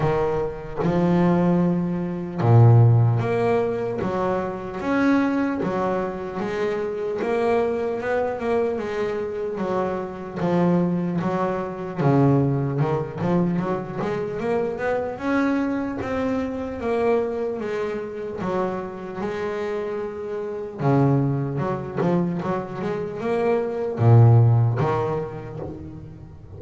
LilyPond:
\new Staff \with { instrumentName = "double bass" } { \time 4/4 \tempo 4 = 75 dis4 f2 ais,4 | ais4 fis4 cis'4 fis4 | gis4 ais4 b8 ais8 gis4 | fis4 f4 fis4 cis4 |
dis8 f8 fis8 gis8 ais8 b8 cis'4 | c'4 ais4 gis4 fis4 | gis2 cis4 fis8 f8 | fis8 gis8 ais4 ais,4 dis4 | }